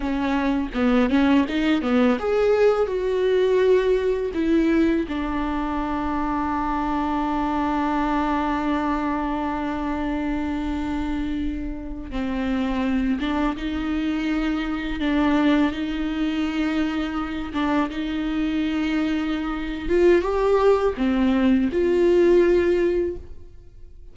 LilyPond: \new Staff \with { instrumentName = "viola" } { \time 4/4 \tempo 4 = 83 cis'4 b8 cis'8 dis'8 b8 gis'4 | fis'2 e'4 d'4~ | d'1~ | d'1~ |
d'8. c'4. d'8 dis'4~ dis'16~ | dis'8. d'4 dis'2~ dis'16~ | dis'16 d'8 dis'2~ dis'8. f'8 | g'4 c'4 f'2 | }